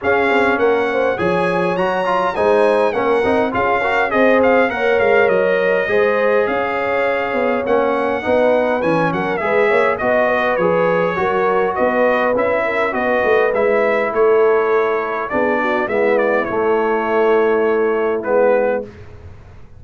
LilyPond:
<<
  \new Staff \with { instrumentName = "trumpet" } { \time 4/4 \tempo 4 = 102 f''4 fis''4 gis''4 ais''4 | gis''4 fis''4 f''4 dis''8 f''8 | fis''8 f''8 dis''2 f''4~ | f''4 fis''2 gis''8 fis''8 |
e''4 dis''4 cis''2 | dis''4 e''4 dis''4 e''4 | cis''2 d''4 e''8 d''8 | cis''2. b'4 | }
  \new Staff \with { instrumentName = "horn" } { \time 4/4 gis'4 ais'8 c''8 cis''2 | c''4 ais'4 gis'8 ais'8 c''4 | cis''2 c''4 cis''4~ | cis''2 b'4. ais'8 |
b'8 cis''8 dis''8 b'4. ais'4 | b'4. ais'8 b'2 | a'2 gis'8 fis'8 e'4~ | e'1 | }
  \new Staff \with { instrumentName = "trombone" } { \time 4/4 cis'2 gis'4 fis'8 f'8 | dis'4 cis'8 dis'8 f'8 fis'8 gis'4 | ais'2 gis'2~ | gis'4 cis'4 dis'4 cis'4 |
gis'4 fis'4 gis'4 fis'4~ | fis'4 e'4 fis'4 e'4~ | e'2 d'4 b4 | a2. b4 | }
  \new Staff \with { instrumentName = "tuba" } { \time 4/4 cis'8 c'8 ais4 f4 fis4 | gis4 ais8 c'8 cis'4 c'4 | ais8 gis8 fis4 gis4 cis'4~ | cis'8 b8 ais4 b4 e8 fis8 |
gis8 ais8 b4 f4 fis4 | b4 cis'4 b8 a8 gis4 | a2 b4 gis4 | a2. gis4 | }
>>